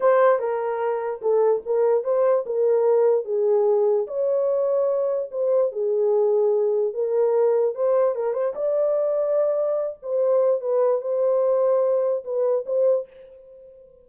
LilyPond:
\new Staff \with { instrumentName = "horn" } { \time 4/4 \tempo 4 = 147 c''4 ais'2 a'4 | ais'4 c''4 ais'2 | gis'2 cis''2~ | cis''4 c''4 gis'2~ |
gis'4 ais'2 c''4 | ais'8 c''8 d''2.~ | d''8 c''4. b'4 c''4~ | c''2 b'4 c''4 | }